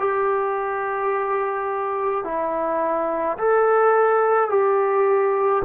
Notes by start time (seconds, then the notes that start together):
0.00 G4
2.24 E4
3.38 A4
4.50 G4